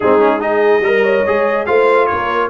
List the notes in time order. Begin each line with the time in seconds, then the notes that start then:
0.00 G#3 C4 D#4 G#4
0.19 C#4
0.40 D#4 G#4 D#5
0.80 G3 A#4
0.86 A#4
1.03 C#5
1.26 G#3 G#4
1.66 A3 F4 C5 F5
2.06 A#3 A#4 C#5